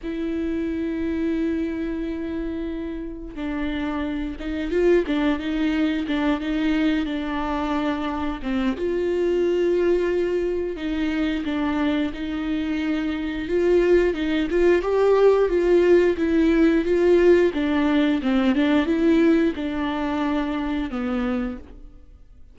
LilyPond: \new Staff \with { instrumentName = "viola" } { \time 4/4 \tempo 4 = 89 e'1~ | e'4 d'4. dis'8 f'8 d'8 | dis'4 d'8 dis'4 d'4.~ | d'8 c'8 f'2. |
dis'4 d'4 dis'2 | f'4 dis'8 f'8 g'4 f'4 | e'4 f'4 d'4 c'8 d'8 | e'4 d'2 b4 | }